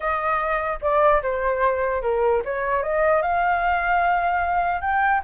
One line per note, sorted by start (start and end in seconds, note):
0.00 0.79 D#5
0.81 1.22 D5
1.22 2.02 C5
2.02 2.42 A#4
2.45 2.82 C#5
2.82 3.22 D#5
3.22 4.81 F5
4.81 5.21 G5